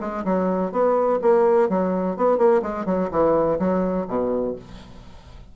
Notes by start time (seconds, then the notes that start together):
0.00 G#3
0.24 F#3
0.71 B3
1.21 A#3
1.68 F#3
2.16 B3
2.37 A#3
2.62 G#3
2.85 F#3
3.11 E3
3.59 F#3
4.08 B2